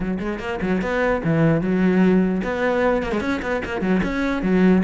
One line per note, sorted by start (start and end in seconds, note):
0.00 0.18 F#3
0.19 0.39 G#3
0.39 0.59 A#3
0.61 0.81 F#3
0.81 1.22 B3
1.23 1.61 E3
1.61 2.41 F#3
2.43 3.03 B3
3.03 3.12 A#3
3.12 3.20 G#3
3.20 3.40 C#4
3.41 3.61 B3
3.65 3.81 A#3
3.81 4.01 F#3
4.03 4.42 C#4
4.42 4.82 F#3